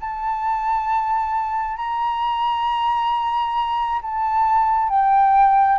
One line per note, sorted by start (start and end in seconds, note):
0.00 1.77 A5
1.77 4.01 A#5
4.02 4.89 A5
4.89 5.78 G5